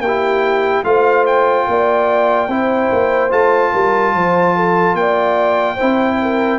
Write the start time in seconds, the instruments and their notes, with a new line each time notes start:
0.00 tuba A#3, horn G4, trumpet G5
0.08 trombone E4
0.84 tuba A3, trombone F4, horn C5, trumpet F5
1.27 trumpet G5
1.68 tuba A#3, horn D5
2.49 tuba C4, trombone E4, horn C5
2.92 tuba A#3
3.31 tuba A3, trombone F4, trumpet A5
3.73 tuba G3, horn A#4
4.15 tuba F3, horn C5
4.56 horn A4
4.95 tuba A#3, horn D5, trumpet G5
5.75 trombone E4, horn C5
5.82 tuba C4
6.22 horn A#4